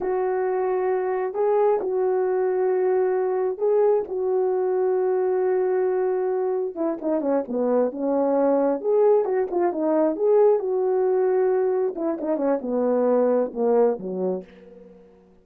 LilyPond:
\new Staff \with { instrumentName = "horn" } { \time 4/4 \tempo 4 = 133 fis'2. gis'4 | fis'1 | gis'4 fis'2.~ | fis'2. e'8 dis'8 |
cis'8 b4 cis'2 gis'8~ | gis'8 fis'8 f'8 dis'4 gis'4 fis'8~ | fis'2~ fis'8 e'8 dis'8 cis'8 | b2 ais4 fis4 | }